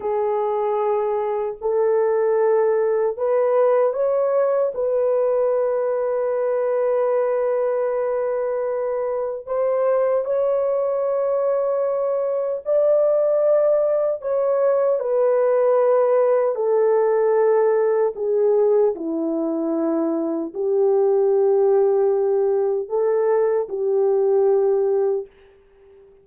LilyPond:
\new Staff \with { instrumentName = "horn" } { \time 4/4 \tempo 4 = 76 gis'2 a'2 | b'4 cis''4 b'2~ | b'1 | c''4 cis''2. |
d''2 cis''4 b'4~ | b'4 a'2 gis'4 | e'2 g'2~ | g'4 a'4 g'2 | }